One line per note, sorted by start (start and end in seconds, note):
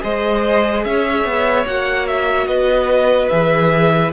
0.00 0.85 G#3
0.00 1.64 G#4
0.00 0.85 C5
0.00 0.84 D#5
0.84 1.24 C#4
0.84 2.48 C#5
0.84 1.66 E5
1.24 1.65 B3
1.66 2.47 A#3
1.66 3.31 F#4
1.66 2.07 F#5
2.07 2.47 E5
2.47 3.29 B3
2.47 4.12 B4
2.47 3.28 D#5
3.28 4.12 E3
3.28 4.12 G#4
3.28 4.10 E5